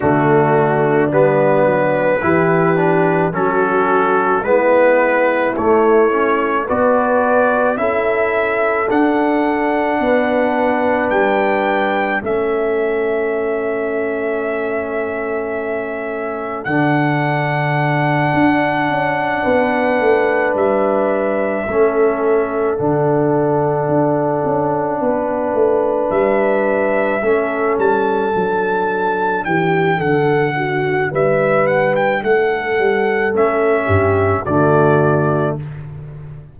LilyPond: <<
  \new Staff \with { instrumentName = "trumpet" } { \time 4/4 \tempo 4 = 54 fis'4 b'2 a'4 | b'4 cis''4 d''4 e''4 | fis''2 g''4 e''4~ | e''2. fis''4~ |
fis''2~ fis''8 e''4.~ | e''8 fis''2. e''8~ | e''4 a''4. g''8 fis''4 | e''8 fis''16 g''16 fis''4 e''4 d''4 | }
  \new Staff \with { instrumentName = "horn" } { \time 4/4 d'2 g'4 fis'4 | e'2 b'4 a'4~ | a'4 b'2 a'4~ | a'1~ |
a'4. b'2 a'8~ | a'2~ a'8 b'4.~ | b'8 a'2 g'8 a'8 fis'8 | b'4 a'4. g'8 fis'4 | }
  \new Staff \with { instrumentName = "trombone" } { \time 4/4 a4 b4 e'8 d'8 cis'4 | b4 a8 cis'8 fis'4 e'4 | d'2. cis'4~ | cis'2. d'4~ |
d'2.~ d'8 cis'8~ | cis'8 d'2.~ d'8~ | d'8 cis'4 d'2~ d'8~ | d'2 cis'4 a4 | }
  \new Staff \with { instrumentName = "tuba" } { \time 4/4 d4 g8 fis8 e4 fis4 | gis4 a4 b4 cis'4 | d'4 b4 g4 a4~ | a2. d4~ |
d8 d'8 cis'8 b8 a8 g4 a8~ | a8 d4 d'8 cis'8 b8 a8 g8~ | g8 a8 g8 fis4 e8 d4 | g4 a8 g8 a8 g,8 d4 | }
>>